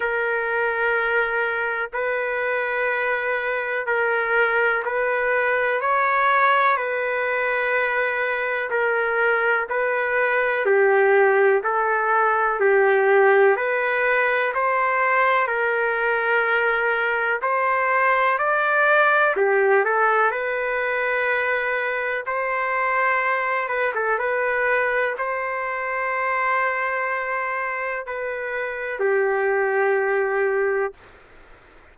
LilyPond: \new Staff \with { instrumentName = "trumpet" } { \time 4/4 \tempo 4 = 62 ais'2 b'2 | ais'4 b'4 cis''4 b'4~ | b'4 ais'4 b'4 g'4 | a'4 g'4 b'4 c''4 |
ais'2 c''4 d''4 | g'8 a'8 b'2 c''4~ | c''8 b'16 a'16 b'4 c''2~ | c''4 b'4 g'2 | }